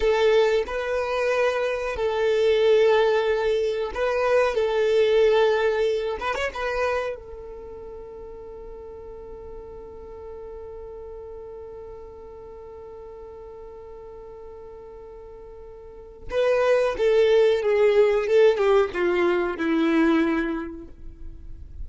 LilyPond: \new Staff \with { instrumentName = "violin" } { \time 4/4 \tempo 4 = 92 a'4 b'2 a'4~ | a'2 b'4 a'4~ | a'4. b'16 cis''16 b'4 a'4~ | a'1~ |
a'1~ | a'1~ | a'4 b'4 a'4 gis'4 | a'8 g'8 f'4 e'2 | }